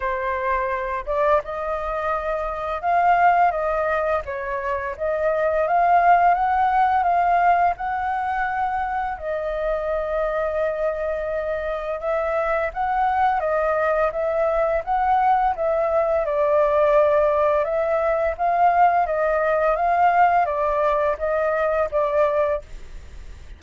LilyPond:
\new Staff \with { instrumentName = "flute" } { \time 4/4 \tempo 4 = 85 c''4. d''8 dis''2 | f''4 dis''4 cis''4 dis''4 | f''4 fis''4 f''4 fis''4~ | fis''4 dis''2.~ |
dis''4 e''4 fis''4 dis''4 | e''4 fis''4 e''4 d''4~ | d''4 e''4 f''4 dis''4 | f''4 d''4 dis''4 d''4 | }